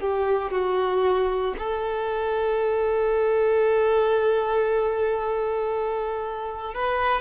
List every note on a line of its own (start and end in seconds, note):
0.00 0.51 G4
0.51 1.55 F#4
1.58 6.74 A4
6.74 7.21 B4